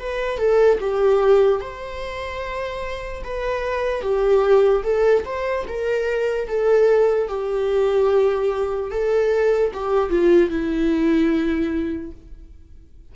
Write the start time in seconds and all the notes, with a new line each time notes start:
0.00 B4
0.38 A4
0.81 G4
1.61 C5
3.24 B4
4.02 G4
4.84 A4
5.26 C5
5.68 A#4
6.48 A4
7.29 G4
8.91 A4
9.74 G4
10.10 F4
10.50 E4